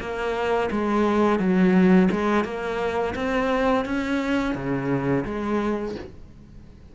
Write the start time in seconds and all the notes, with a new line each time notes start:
0.00 A#3
0.71 G#3
1.39 F#3
2.11 G#3
2.45 A#3
3.16 C4
3.85 C#4
4.55 C#3
5.25 G#3